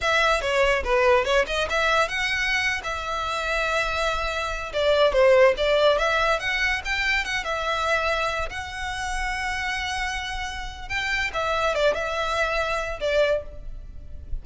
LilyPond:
\new Staff \with { instrumentName = "violin" } { \time 4/4 \tempo 4 = 143 e''4 cis''4 b'4 cis''8 dis''8 | e''4 fis''4.~ fis''16 e''4~ e''16~ | e''2.~ e''16 d''8.~ | d''16 c''4 d''4 e''4 fis''8.~ |
fis''16 g''4 fis''8 e''2~ e''16~ | e''16 fis''2.~ fis''8.~ | fis''2 g''4 e''4 | d''8 e''2~ e''8 d''4 | }